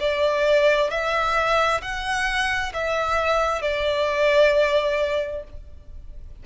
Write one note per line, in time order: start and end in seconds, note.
0.00 0.90 D5
0.90 1.81 E5
1.82 2.73 F#5
2.74 3.62 E5
3.62 5.43 D5